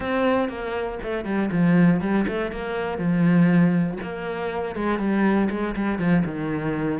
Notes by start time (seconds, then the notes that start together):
0.00 C4
0.48 A#3
1.02 A3
1.25 G3
1.51 F3
2.00 G3
2.27 A3
2.51 A#3
2.97 F3
4.02 A#3
4.75 G#3
4.98 G3
5.50 G#3
5.75 G3
5.98 F3
6.25 D#3